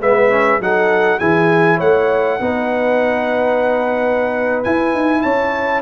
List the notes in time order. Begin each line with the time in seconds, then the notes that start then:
0.00 G#3 B3 B4 E5
0.30 C#4
0.60 F#3 D#4 A4 F#5
1.19 E3 E4 G#4 G#5
1.77 A3 C#5 F#5
2.40 B3 D#4 B4
4.63 E4 G#5
4.94 D#4
5.22 C#4 C#5 A5